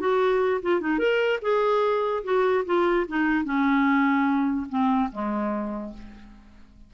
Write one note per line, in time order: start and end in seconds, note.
0.00 0.61 F#4
0.63 0.81 F4
0.81 0.99 D#4
0.99 1.40 A#4
1.42 2.24 G#4
2.24 2.65 F#4
2.66 3.07 F4
3.08 3.45 D#4
3.45 4.67 C#4
4.70 5.11 C4
5.12 5.94 G#3